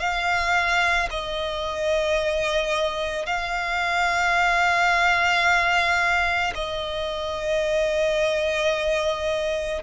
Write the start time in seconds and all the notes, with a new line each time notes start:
0.00 F5
1.11 D#5
3.26 F5
6.55 D#5